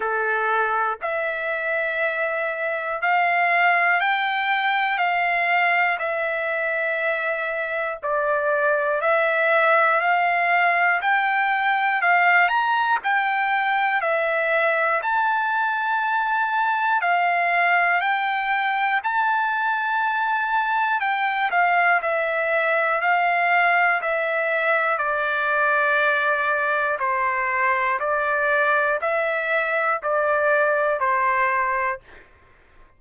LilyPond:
\new Staff \with { instrumentName = "trumpet" } { \time 4/4 \tempo 4 = 60 a'4 e''2 f''4 | g''4 f''4 e''2 | d''4 e''4 f''4 g''4 | f''8 ais''8 g''4 e''4 a''4~ |
a''4 f''4 g''4 a''4~ | a''4 g''8 f''8 e''4 f''4 | e''4 d''2 c''4 | d''4 e''4 d''4 c''4 | }